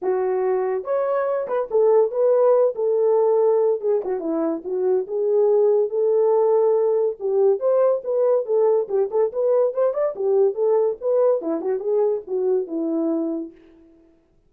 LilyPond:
\new Staff \with { instrumentName = "horn" } { \time 4/4 \tempo 4 = 142 fis'2 cis''4. b'8 | a'4 b'4. a'4.~ | a'4 gis'8 fis'8 e'4 fis'4 | gis'2 a'2~ |
a'4 g'4 c''4 b'4 | a'4 g'8 a'8 b'4 c''8 d''8 | g'4 a'4 b'4 e'8 fis'8 | gis'4 fis'4 e'2 | }